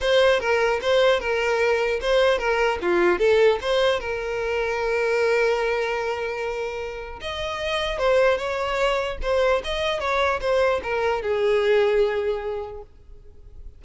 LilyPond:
\new Staff \with { instrumentName = "violin" } { \time 4/4 \tempo 4 = 150 c''4 ais'4 c''4 ais'4~ | ais'4 c''4 ais'4 f'4 | a'4 c''4 ais'2~ | ais'1~ |
ais'2 dis''2 | c''4 cis''2 c''4 | dis''4 cis''4 c''4 ais'4 | gis'1 | }